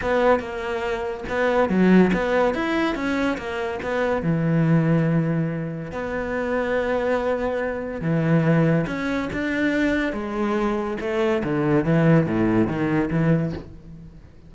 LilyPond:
\new Staff \with { instrumentName = "cello" } { \time 4/4 \tempo 4 = 142 b4 ais2 b4 | fis4 b4 e'4 cis'4 | ais4 b4 e2~ | e2 b2~ |
b2. e4~ | e4 cis'4 d'2 | gis2 a4 d4 | e4 a,4 dis4 e4 | }